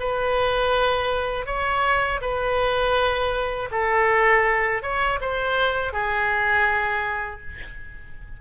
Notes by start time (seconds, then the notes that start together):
0.00 B4
1.46 C#5
2.21 B4
3.72 A4
4.83 C#5
5.21 C5
5.93 G#4